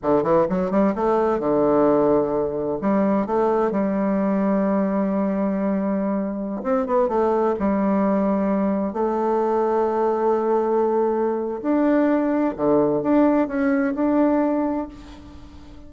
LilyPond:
\new Staff \with { instrumentName = "bassoon" } { \time 4/4 \tempo 4 = 129 d8 e8 fis8 g8 a4 d4~ | d2 g4 a4 | g1~ | g2~ g16 c'8 b8 a8.~ |
a16 g2. a8.~ | a1~ | a4 d'2 d4 | d'4 cis'4 d'2 | }